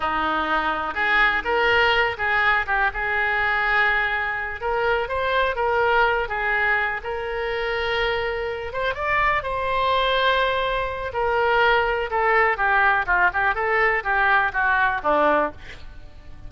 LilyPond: \new Staff \with { instrumentName = "oboe" } { \time 4/4 \tempo 4 = 124 dis'2 gis'4 ais'4~ | ais'8 gis'4 g'8 gis'2~ | gis'4. ais'4 c''4 ais'8~ | ais'4 gis'4. ais'4.~ |
ais'2 c''8 d''4 c''8~ | c''2. ais'4~ | ais'4 a'4 g'4 f'8 g'8 | a'4 g'4 fis'4 d'4 | }